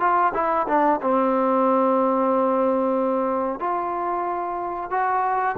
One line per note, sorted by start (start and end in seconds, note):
0.00 0.33 F4
0.34 0.67 E4
0.68 1.00 D4
1.02 3.60 C4
3.60 4.90 F4
4.90 5.56 F#4